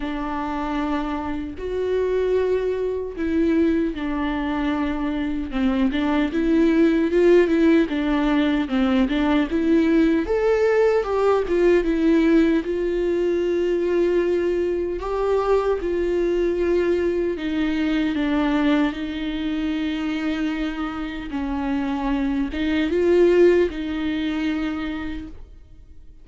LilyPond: \new Staff \with { instrumentName = "viola" } { \time 4/4 \tempo 4 = 76 d'2 fis'2 | e'4 d'2 c'8 d'8 | e'4 f'8 e'8 d'4 c'8 d'8 | e'4 a'4 g'8 f'8 e'4 |
f'2. g'4 | f'2 dis'4 d'4 | dis'2. cis'4~ | cis'8 dis'8 f'4 dis'2 | }